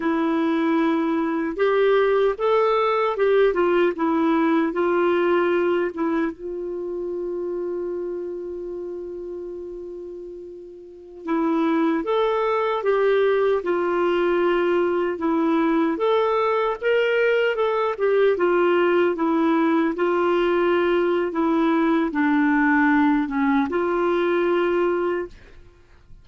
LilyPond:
\new Staff \with { instrumentName = "clarinet" } { \time 4/4 \tempo 4 = 76 e'2 g'4 a'4 | g'8 f'8 e'4 f'4. e'8 | f'1~ | f'2~ f'16 e'4 a'8.~ |
a'16 g'4 f'2 e'8.~ | e'16 a'4 ais'4 a'8 g'8 f'8.~ | f'16 e'4 f'4.~ f'16 e'4 | d'4. cis'8 f'2 | }